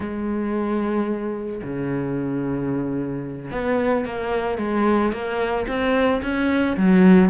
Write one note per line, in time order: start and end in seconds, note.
0.00 1.61 G#3
1.63 3.51 C#3
3.51 4.05 B3
4.05 4.58 A#3
4.58 5.12 G#3
5.12 5.66 A#3
5.67 6.21 C4
6.22 6.76 C#4
6.76 7.29 F#3